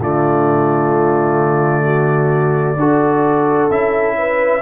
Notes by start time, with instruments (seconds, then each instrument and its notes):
0.00 tuba D3, trombone A3, horn F4, trumpet D5
1.84 horn F#4
2.76 tuba D4, trombone F#4, horn A4
3.70 tuba C#4, trombone E4, trumpet E5
4.18 horn B4